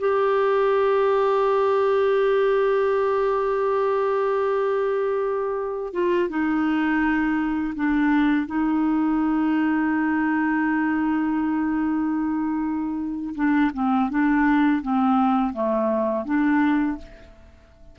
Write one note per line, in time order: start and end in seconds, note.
0.00 5.93 G4
5.93 6.30 F4
6.30 7.74 D#4
7.75 8.47 D4
8.47 13.34 D#4
13.35 13.72 D4
13.74 14.10 C4
14.10 14.82 D4
14.82 15.53 C4
15.53 16.26 A3
16.26 16.98 D4